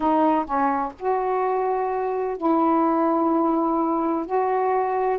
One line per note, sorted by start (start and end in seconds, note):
0.00 0.45 D#4
0.45 0.92 C#4
0.99 2.37 F#4
2.37 4.26 E4
4.26 5.18 F#4